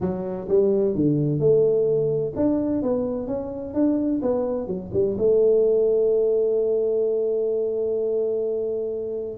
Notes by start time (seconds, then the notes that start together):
0.00 F#3
0.48 G3
0.94 D3
1.39 A3
2.36 D4
2.82 B3
3.27 C#4
3.74 D4
4.22 B3
4.67 F#3
4.93 G3
5.18 A3